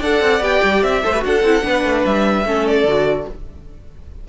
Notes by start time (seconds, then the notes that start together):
0.00 D4 A4 D5 F#5
0.21 C4
0.40 B3 G4 G5
0.63 G3
0.82 C4 E5
1.02 A3 A4 C5
1.13 F#4 G4 B4
1.24 D4 A4 F#5
1.43 C4 E4
1.61 B3 D4 B4
1.84 A3
2.05 G3 E5
2.45 A3 C#4 A4
2.66 D5
2.83 D3 F#4